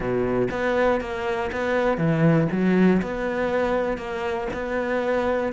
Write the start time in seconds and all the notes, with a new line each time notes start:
0.00 B2
0.50 B3
1.00 A#3
1.52 B3
1.97 E3
2.51 F#3
3.01 B3
3.97 A#3
4.53 B3